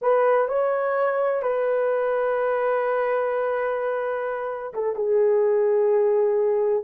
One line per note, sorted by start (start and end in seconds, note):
0.01 0.47 B4
0.47 1.42 C#5
1.42 4.73 B4
4.73 4.95 A4
4.95 6.84 G#4